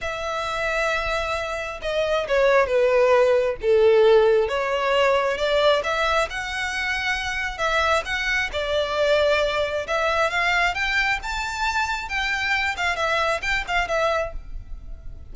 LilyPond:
\new Staff \with { instrumentName = "violin" } { \time 4/4 \tempo 4 = 134 e''1 | dis''4 cis''4 b'2 | a'2 cis''2 | d''4 e''4 fis''2~ |
fis''4 e''4 fis''4 d''4~ | d''2 e''4 f''4 | g''4 a''2 g''4~ | g''8 f''8 e''4 g''8 f''8 e''4 | }